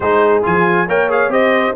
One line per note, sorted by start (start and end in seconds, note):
0.00 0.43 G#3
0.00 0.42 D#4
0.00 0.88 G#4
0.00 0.43 C5
0.42 0.87 F3
0.42 0.86 F4
0.42 0.89 G#5
0.87 1.28 A#3
0.87 1.09 A#4
0.87 1.31 C#5
0.87 1.11 G5
1.09 1.29 G#4
1.09 1.32 F5
1.28 1.72 C4
1.28 1.73 G4
1.28 1.75 C5
1.28 1.75 D#5